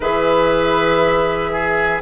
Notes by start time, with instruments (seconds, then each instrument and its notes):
0.00 bassoon E3, clarinet G#4, oboe B4, flute E5
1.52 oboe G#4